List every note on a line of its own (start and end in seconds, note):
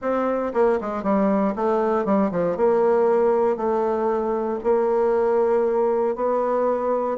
0.01 0.52 C4
0.53 0.79 A#3
0.80 1.03 G#3
1.03 1.54 G3
1.55 2.05 A3
2.05 2.30 G3
2.31 2.56 F3
2.56 3.56 A#3
3.56 4.59 A3
4.63 6.15 A#3
6.15 7.18 B3